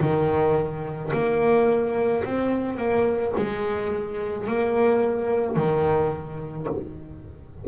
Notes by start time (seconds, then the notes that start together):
0.00 D#3
1.13 A#3
2.24 C4
2.77 A#3
3.36 G#3
4.47 A#3
5.56 D#3